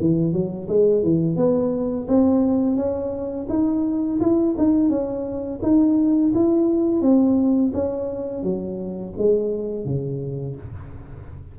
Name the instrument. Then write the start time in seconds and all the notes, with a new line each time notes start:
tuba
0.00 E3
0.33 F#3
0.69 G#3
1.03 E3
1.37 B3
2.08 C4
2.77 C#4
3.49 D#4
4.20 E4
4.58 D#4
4.90 C#4
5.62 D#4
6.35 E4
7.02 C4
7.74 C#4
8.43 F#3
9.18 G#3
9.86 C#3